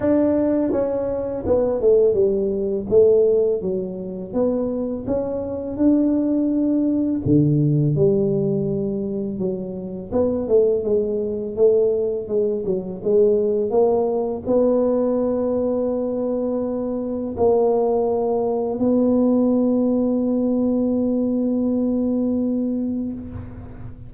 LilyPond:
\new Staff \with { instrumentName = "tuba" } { \time 4/4 \tempo 4 = 83 d'4 cis'4 b8 a8 g4 | a4 fis4 b4 cis'4 | d'2 d4 g4~ | g4 fis4 b8 a8 gis4 |
a4 gis8 fis8 gis4 ais4 | b1 | ais2 b2~ | b1 | }